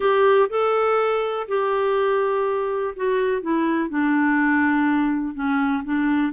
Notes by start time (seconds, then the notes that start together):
0.00 G4
0.49 A4
1.48 G4
2.96 F#4
3.41 E4
3.89 D4
5.34 C#4
5.84 D4